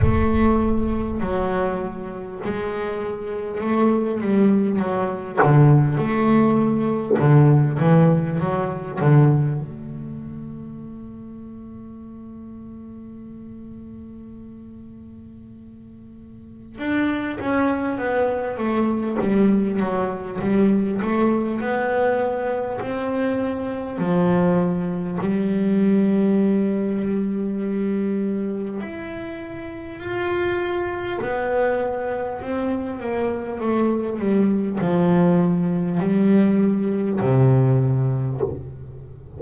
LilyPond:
\new Staff \with { instrumentName = "double bass" } { \time 4/4 \tempo 4 = 50 a4 fis4 gis4 a8 g8 | fis8 d8 a4 d8 e8 fis8 d8 | a1~ | a2 d'8 cis'8 b8 a8 |
g8 fis8 g8 a8 b4 c'4 | f4 g2. | e'4 f'4 b4 c'8 ais8 | a8 g8 f4 g4 c4 | }